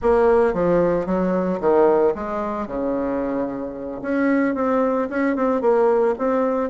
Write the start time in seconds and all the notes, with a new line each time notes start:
0.02 A#3
0.53 F3
1.05 F#3
1.60 D#3
2.14 G#3
2.67 C#3
4.02 C#4
4.54 C4
5.09 C#4
5.35 C4
5.61 A#3
6.18 C4